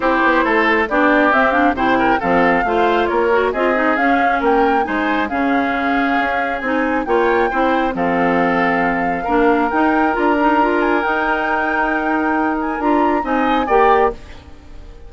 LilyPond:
<<
  \new Staff \with { instrumentName = "flute" } { \time 4/4 \tempo 4 = 136 c''2 d''4 e''8 f''8 | g''4 f''2 cis''4 | dis''4 f''4 g''4 gis''4 | f''2. gis''4 |
g''2 f''2~ | f''2 g''4 ais''4~ | ais''8 gis''8 g''2.~ | g''8 gis''8 ais''4 gis''4 g''4 | }
  \new Staff \with { instrumentName = "oboe" } { \time 4/4 g'4 a'4 g'2 | c''8 ais'8 a'4 c''4 ais'4 | gis'2 ais'4 c''4 | gis'1 |
cis''4 c''4 a'2~ | a'4 ais'2.~ | ais'1~ | ais'2 dis''4 d''4 | }
  \new Staff \with { instrumentName = "clarinet" } { \time 4/4 e'2 d'4 c'8 d'8 | e'4 c'4 f'4. fis'8 | f'8 dis'8 cis'2 dis'4 | cis'2. dis'4 |
f'4 e'4 c'2~ | c'4 d'4 dis'4 f'8 dis'8 | f'4 dis'2.~ | dis'4 f'4 dis'4 g'4 | }
  \new Staff \with { instrumentName = "bassoon" } { \time 4/4 c'8 b8 a4 b4 c'4 | c4 f4 a4 ais4 | c'4 cis'4 ais4 gis4 | cis2 cis'4 c'4 |
ais4 c'4 f2~ | f4 ais4 dis'4 d'4~ | d'4 dis'2.~ | dis'4 d'4 c'4 ais4 | }
>>